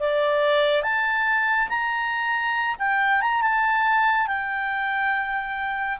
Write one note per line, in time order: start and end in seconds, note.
0.00 0.83 D5
0.83 1.69 A5
1.69 2.76 A#5
2.79 3.21 G5
3.21 3.42 A#5
3.42 4.27 A5
4.27 5.99 G5